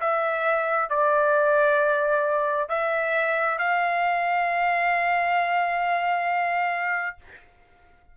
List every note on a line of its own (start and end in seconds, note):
0.00 0.90 E5
0.90 2.69 D5
2.69 3.58 E5
3.58 7.16 F5